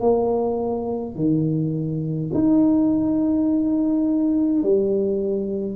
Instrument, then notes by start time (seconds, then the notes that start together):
tuba
0.00 A#3
1.15 D#3
2.33 D#4
4.62 G3